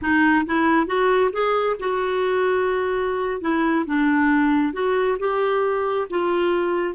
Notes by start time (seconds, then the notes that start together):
0.01 D#4
0.46 E4
0.86 F#4
1.32 G#4
1.79 F#4
3.41 E4
3.86 D4
4.73 F#4
5.19 G4
6.10 F4